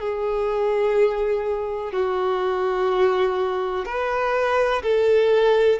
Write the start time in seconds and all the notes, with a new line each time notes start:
0.00 G#4
1.93 F#4
3.86 B4
4.83 A4